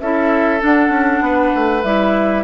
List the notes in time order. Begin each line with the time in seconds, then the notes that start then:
0.00 C#4 E4 A4 E5
0.59 D4 F#5
0.89 C#4
1.21 B3 B4
1.55 A3
1.83 G3 E4 E5